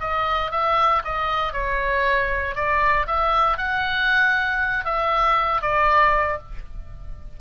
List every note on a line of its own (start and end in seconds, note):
0.00 0.51 D#5
0.51 1.03 E5
1.04 1.53 D#5
1.53 2.55 C#5
2.55 3.07 D5
3.07 3.58 E5
3.58 4.85 F#5
4.85 5.62 E5
5.62 6.39 D5